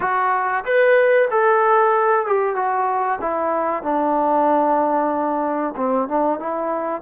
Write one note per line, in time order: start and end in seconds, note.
0.00 0.64 F#4
0.64 1.28 B4
1.31 2.26 A4
2.26 2.55 G4
2.55 3.19 F#4
3.21 3.82 E4
3.82 5.74 D4
5.76 6.08 C4
6.08 6.39 D4
6.39 7.01 E4